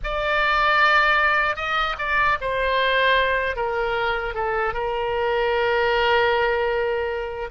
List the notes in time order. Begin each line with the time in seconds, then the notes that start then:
0.03 D5
1.56 D#5
1.98 D5
2.40 C5
3.56 A#4
4.34 A4
4.73 A#4